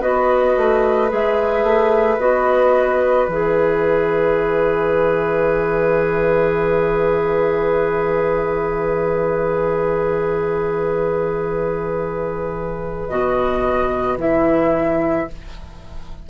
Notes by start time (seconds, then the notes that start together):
0.00 B3 F#4 B4 D#5
0.57 A3
1.09 G#3 G#4 E5
1.63 A3
2.18 B3 F#4 D#5
3.28 E3 G#4 E5
13.08 B2 F#4 D#5
14.17 E3 E4 E5